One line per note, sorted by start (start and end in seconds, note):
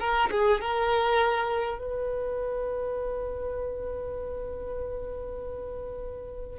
0.00 0.30 A#4
0.32 0.61 G#4
0.61 1.79 A#4
1.79 6.59 B4